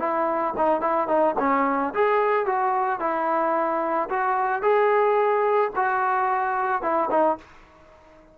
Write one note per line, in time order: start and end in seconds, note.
0.00 0.55 E4
0.58 0.81 D#4
0.81 1.08 E4
1.08 1.36 D#4
1.40 1.94 C#4
1.95 2.46 G#4
2.46 3.00 F#4
3.00 4.09 E4
4.10 4.63 F#4
4.63 5.72 G#4
5.76 6.83 F#4
6.83 7.10 E4
7.11 7.38 D#4